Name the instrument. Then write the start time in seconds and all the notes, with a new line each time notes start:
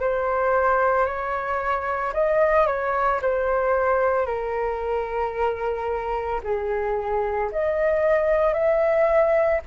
flute
0.00 C5
1.06 C#5
2.13 D#5
2.67 C#5
3.22 C5
4.26 A#4
6.43 G#4
7.52 D#5
8.54 E5